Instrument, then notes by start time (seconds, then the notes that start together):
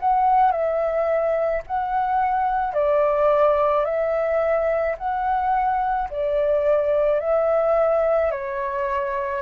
flute
0.00 F#5
0.52 E5
1.67 F#5
2.74 D5
3.85 E5
4.98 F#5
6.10 D5
7.20 E5
8.31 C#5